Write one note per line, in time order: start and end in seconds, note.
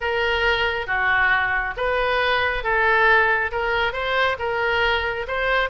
0.00 0.86 A#4
0.86 1.74 F#4
1.76 2.63 B4
2.63 3.51 A4
3.51 3.93 A#4
3.93 4.36 C5
4.38 5.26 A#4
5.27 5.69 C5